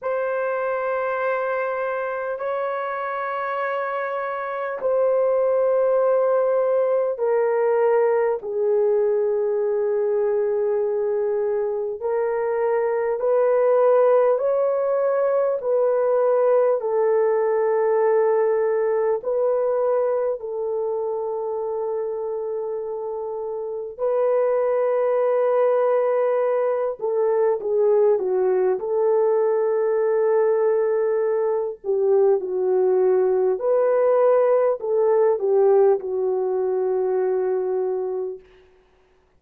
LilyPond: \new Staff \with { instrumentName = "horn" } { \time 4/4 \tempo 4 = 50 c''2 cis''2 | c''2 ais'4 gis'4~ | gis'2 ais'4 b'4 | cis''4 b'4 a'2 |
b'4 a'2. | b'2~ b'8 a'8 gis'8 fis'8 | a'2~ a'8 g'8 fis'4 | b'4 a'8 g'8 fis'2 | }